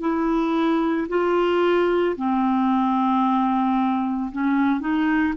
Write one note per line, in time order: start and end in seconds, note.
0.00 1.07 E4
1.08 2.15 F4
2.16 4.31 C4
4.31 4.80 C#4
4.80 5.33 D#4